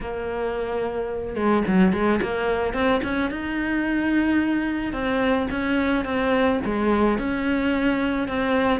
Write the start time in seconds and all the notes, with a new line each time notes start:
0.00 A#3
1.35 G#3
1.67 F#3
1.92 G#3
2.21 A#3
2.73 C4
3.03 C#4
3.31 D#4
4.92 C4
5.50 C#4
6.04 C4
6.65 G#3
7.18 C#4
8.27 C4